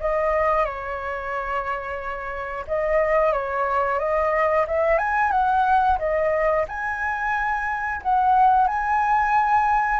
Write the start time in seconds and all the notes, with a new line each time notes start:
0.00 D#5
0.65 C#5
2.67 D#5
3.32 C#5
3.99 D#5
4.67 E5
4.98 G#5
5.32 F#5
5.98 D#5
6.68 G#5
8.02 F#5
8.68 G#5